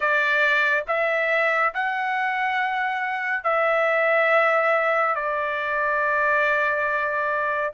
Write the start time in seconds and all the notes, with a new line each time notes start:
0.00 D5
0.87 E5
1.74 F#5
3.43 E5
5.15 D5